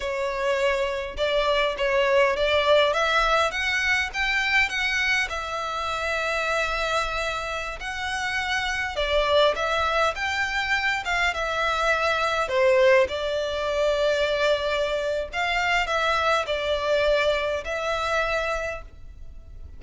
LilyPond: \new Staff \with { instrumentName = "violin" } { \time 4/4 \tempo 4 = 102 cis''2 d''4 cis''4 | d''4 e''4 fis''4 g''4 | fis''4 e''2.~ | e''4~ e''16 fis''2 d''8.~ |
d''16 e''4 g''4. f''8 e''8.~ | e''4~ e''16 c''4 d''4.~ d''16~ | d''2 f''4 e''4 | d''2 e''2 | }